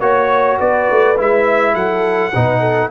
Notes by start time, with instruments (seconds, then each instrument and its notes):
0.00 tuba A#3, trombone F#4, trumpet C#5, horn C#5
0.59 tuba B3, horn B4, trumpet D5
0.91 tuba A3
1.17 tuba G#3, trombone E4, trumpet E5
1.75 tuba F#3, horn A4, trumpet F#5
2.35 tuba B2, trombone D#4, horn B4
2.60 horn A4